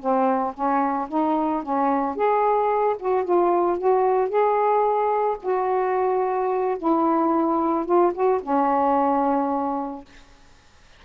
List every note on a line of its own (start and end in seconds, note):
0.00 0.54 C4
0.54 1.08 C#4
1.09 1.63 D#4
1.63 2.16 C#4
2.16 2.97 G#4
2.99 3.25 F#4
3.25 3.79 F4
3.79 4.29 F#4
4.29 5.38 G#4
5.43 6.78 F#4
6.79 7.86 E4
7.86 8.13 F4
8.14 8.41 F#4
8.43 10.05 C#4